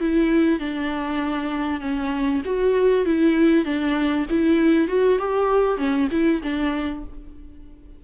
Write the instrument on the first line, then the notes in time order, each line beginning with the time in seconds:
viola
0.00 E4
0.59 D4
1.81 C#4
2.45 F#4
3.05 E4
3.65 D4
4.30 E4
4.88 F#4
5.18 G4
5.77 C#4
6.11 E4
6.43 D4